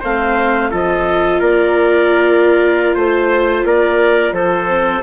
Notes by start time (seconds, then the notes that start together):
0.00 A3 C4 C5 F5
0.71 F3 F4 A4 D#5
1.40 A#3 A#4 D5
2.95 A3 C5
3.64 A#3 A#4 D5
4.32 F3 A4 C5
4.68 C4